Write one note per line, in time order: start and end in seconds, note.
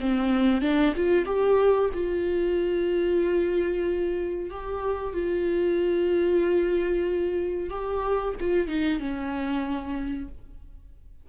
0.00 0.61 C4
0.61 0.94 D4
0.96 1.26 F4
1.26 1.90 G4
1.94 4.50 F4
4.50 5.13 G4
5.13 7.70 F4
7.70 8.34 G4
8.40 8.67 F4
8.67 8.99 D#4
8.99 10.28 C#4